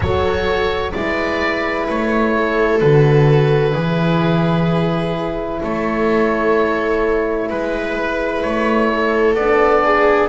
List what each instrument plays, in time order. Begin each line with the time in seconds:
0.00 double bass F#3, horn F#4, viola A4, oboe C#5
0.92 double bass G#3, horn E4, viola B4, oboe D5
1.89 double bass A3, oboe C#5
2.36 viola A4
2.79 double bass D3, horn F#4, oboe B4
3.72 double bass E3, horn E4, viola G#4
5.62 double bass A3, viola A4, oboe C#5
7.49 double bass G#3, oboe B4, viola B4
8.42 double bass A3, oboe C#5
8.91 viola A4
9.34 double bass B3, horn D4, oboe D5
9.84 viola G#4